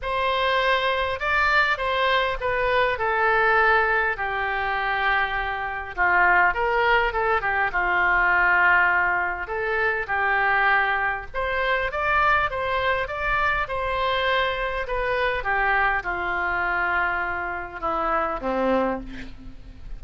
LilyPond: \new Staff \with { instrumentName = "oboe" } { \time 4/4 \tempo 4 = 101 c''2 d''4 c''4 | b'4 a'2 g'4~ | g'2 f'4 ais'4 | a'8 g'8 f'2. |
a'4 g'2 c''4 | d''4 c''4 d''4 c''4~ | c''4 b'4 g'4 f'4~ | f'2 e'4 c'4 | }